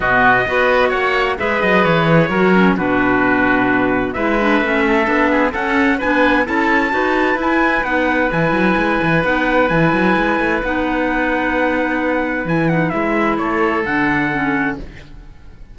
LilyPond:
<<
  \new Staff \with { instrumentName = "trumpet" } { \time 4/4 \tempo 4 = 130 dis''2 fis''4 e''8 dis''8 | cis''2 b'2~ | b'4 e''2. | fis''4 gis''4 a''2 |
gis''4 fis''4 gis''2 | fis''4 gis''2 fis''4~ | fis''2. gis''8 fis''8 | e''4 cis''4 fis''2 | }
  \new Staff \with { instrumentName = "oboe" } { \time 4/4 fis'4 b'4 cis''4 b'4~ | b'4 ais'4 fis'2~ | fis'4 b'4. a'4 gis'8 | a'4 b'4 a'4 b'4~ |
b'1~ | b'1~ | b'1~ | b'4 a'2. | }
  \new Staff \with { instrumentName = "clarinet" } { \time 4/4 b4 fis'2 gis'4~ | gis'4 fis'8 cis'8 d'2~ | d'4 e'8 d'8 cis'4 d'4 | cis'4 d'4 e'4 fis'4 |
e'4 dis'4 e'2 | dis'4 e'2 dis'4~ | dis'2. e'8 dis'8 | e'2 d'4 cis'4 | }
  \new Staff \with { instrumentName = "cello" } { \time 4/4 b,4 b4 ais4 gis8 fis8 | e4 fis4 b,2~ | b,4 gis4 a4 b4 | cis'4 b4 cis'4 dis'4 |
e'4 b4 e8 fis8 gis8 e8 | b4 e8 fis8 gis8 a8 b4~ | b2. e4 | gis4 a4 d2 | }
>>